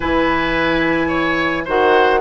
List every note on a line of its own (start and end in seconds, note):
0.00 1.67 E3
0.00 1.67 E4
0.00 1.07 B4
0.00 1.67 G#5
1.07 1.63 C#5
1.64 2.20 D#3
1.64 2.20 F#4
1.64 2.20 C5
1.64 2.20 F#5